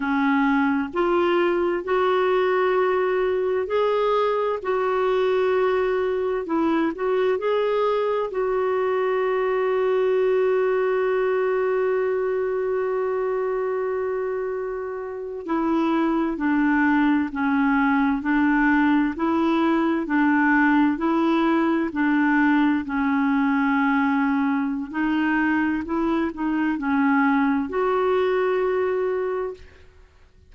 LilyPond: \new Staff \with { instrumentName = "clarinet" } { \time 4/4 \tempo 4 = 65 cis'4 f'4 fis'2 | gis'4 fis'2 e'8 fis'8 | gis'4 fis'2.~ | fis'1~ |
fis'8. e'4 d'4 cis'4 d'16~ | d'8. e'4 d'4 e'4 d'16~ | d'8. cis'2~ cis'16 dis'4 | e'8 dis'8 cis'4 fis'2 | }